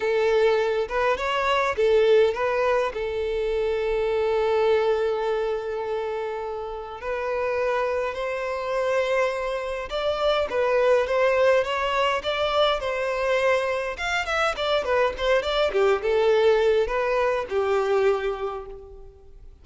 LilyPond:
\new Staff \with { instrumentName = "violin" } { \time 4/4 \tempo 4 = 103 a'4. b'8 cis''4 a'4 | b'4 a'2.~ | a'1 | b'2 c''2~ |
c''4 d''4 b'4 c''4 | cis''4 d''4 c''2 | f''8 e''8 d''8 b'8 c''8 d''8 g'8 a'8~ | a'4 b'4 g'2 | }